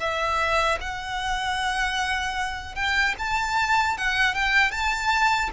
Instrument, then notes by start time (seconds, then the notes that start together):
violin
0.00 E5
0.81 F#5
2.76 G5
3.19 A5
3.98 F#5
4.35 G5
4.72 A5